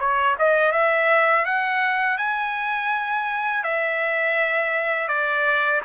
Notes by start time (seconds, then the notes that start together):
0.00 C#5
0.39 D#5
0.72 E5
1.45 F#5
2.18 G#5
3.64 E5
5.08 D5